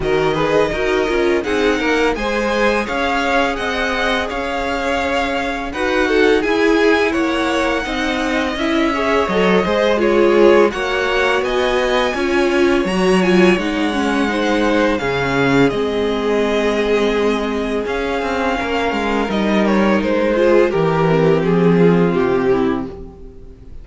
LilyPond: <<
  \new Staff \with { instrumentName = "violin" } { \time 4/4 \tempo 4 = 84 dis''2 fis''4 gis''4 | f''4 fis''4 f''2 | fis''4 gis''4 fis''2 | e''4 dis''4 cis''4 fis''4 |
gis''2 ais''8 gis''8 fis''4~ | fis''4 f''4 dis''2~ | dis''4 f''2 dis''8 cis''8 | c''4 ais'4 gis'4 g'4 | }
  \new Staff \with { instrumentName = "violin" } { \time 4/4 ais'8 b'8 ais'4 gis'8 ais'8 c''4 | cis''4 dis''4 cis''2 | b'8 a'8 gis'4 cis''4 dis''4~ | dis''8 cis''4 c''8 gis'4 cis''4 |
dis''4 cis''2. | c''4 gis'2.~ | gis'2 ais'2~ | ais'8 gis'8 g'4. f'4 e'8 | }
  \new Staff \with { instrumentName = "viola" } { \time 4/4 fis'8 gis'8 fis'8 f'8 dis'4 gis'4~ | gis'1 | fis'4 e'2 dis'4 | e'8 gis'8 a'8 gis'8 f'4 fis'4~ |
fis'4 f'4 fis'8 f'8 dis'8 cis'8 | dis'4 cis'4 c'2~ | c'4 cis'2 dis'4~ | dis'8 f'8 g'8 c'2~ c'8 | }
  \new Staff \with { instrumentName = "cello" } { \time 4/4 dis4 dis'8 cis'8 c'8 ais8 gis4 | cis'4 c'4 cis'2 | dis'4 e'4 ais4 c'4 | cis'4 fis8 gis4. ais4 |
b4 cis'4 fis4 gis4~ | gis4 cis4 gis2~ | gis4 cis'8 c'8 ais8 gis8 g4 | gis4 e4 f4 c4 | }
>>